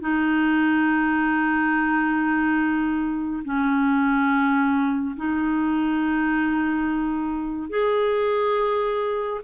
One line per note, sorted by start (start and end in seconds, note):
0.00 3.43 D#4
3.44 5.15 C#4
5.16 7.69 D#4
7.69 9.41 G#4